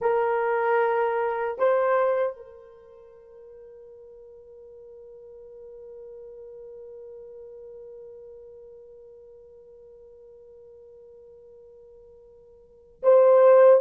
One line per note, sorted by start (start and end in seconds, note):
0.01 1.58 A#4
1.58 2.36 C5
2.36 13.02 A#4
13.03 13.80 C5